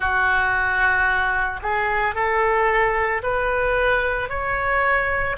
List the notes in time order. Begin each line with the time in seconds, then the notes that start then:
0.00 F#4
1.62 G#4
2.14 A4
3.22 B4
4.29 C#5